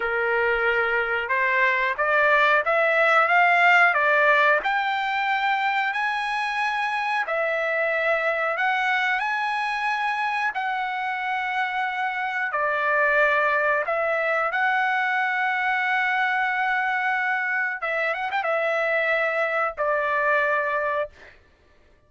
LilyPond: \new Staff \with { instrumentName = "trumpet" } { \time 4/4 \tempo 4 = 91 ais'2 c''4 d''4 | e''4 f''4 d''4 g''4~ | g''4 gis''2 e''4~ | e''4 fis''4 gis''2 |
fis''2. d''4~ | d''4 e''4 fis''2~ | fis''2. e''8 fis''16 g''16 | e''2 d''2 | }